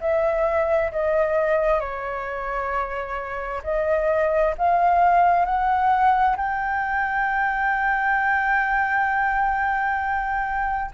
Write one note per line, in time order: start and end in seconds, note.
0.00 0.91 E5
0.91 1.80 D#5
1.80 3.62 C#5
3.63 4.54 D#5
4.57 5.45 F5
5.45 6.36 F#5
6.36 10.91 G5